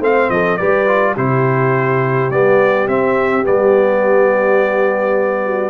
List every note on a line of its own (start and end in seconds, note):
0.00 0.29 A3
0.00 0.59 C4
0.00 0.29 C5
0.00 0.30 F5
0.29 0.58 F3
0.29 0.59 A4
0.29 0.57 D#5
0.57 1.17 G3
0.57 0.87 G4
0.57 1.12 B4
0.57 1.14 D5
0.87 1.16 F4
1.12 2.30 C3
1.12 2.31 E4
1.12 5.41 G4
1.12 2.30 C5
2.30 2.87 G3
2.30 2.88 B3
2.30 2.88 D5
2.87 3.45 C4
2.87 3.43 C4
2.87 3.45 E5
3.43 5.70 G3
3.43 5.70 B3
3.43 5.70 D5
5.45 5.70 F#4